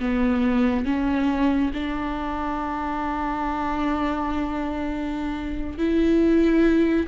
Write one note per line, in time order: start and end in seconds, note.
0.00 0.86 B3
0.86 1.71 C#4
1.74 5.78 D4
5.78 7.07 E4